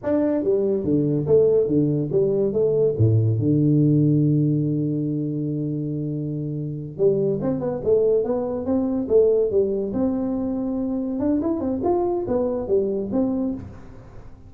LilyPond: \new Staff \with { instrumentName = "tuba" } { \time 4/4 \tempo 4 = 142 d'4 g4 d4 a4 | d4 g4 a4 a,4 | d1~ | d1~ |
d8 g4 c'8 b8 a4 b8~ | b8 c'4 a4 g4 c'8~ | c'2~ c'8 d'8 e'8 c'8 | f'4 b4 g4 c'4 | }